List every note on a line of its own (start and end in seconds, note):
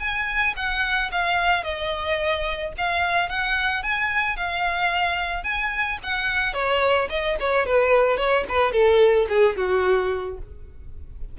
0.00 0.55 G#5
0.57 1.11 F#5
1.12 1.64 F5
1.64 2.73 D#5
2.78 3.30 F5
3.30 3.83 F#5
3.83 4.37 G#5
4.37 5.44 F5
5.44 5.99 G#5
6.04 6.54 F#5
6.54 7.09 C#5
7.10 7.37 D#5
7.41 7.67 C#5
7.67 8.18 B4
8.18 8.45 C#5
8.49 8.72 B4
8.72 9.27 A4
9.29 9.57 G#4
9.57 10.39 F#4